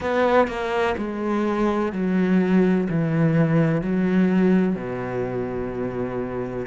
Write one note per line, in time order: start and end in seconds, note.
0.00 0.47 B3
0.47 0.95 A#3
0.97 1.92 G#3
1.92 2.87 F#3
2.89 3.81 E3
3.81 4.75 F#3
4.75 6.66 B2